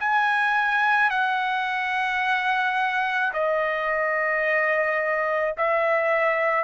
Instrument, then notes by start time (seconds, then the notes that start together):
trumpet
0.00 G#5
1.11 F#5
3.34 D#5
5.58 E5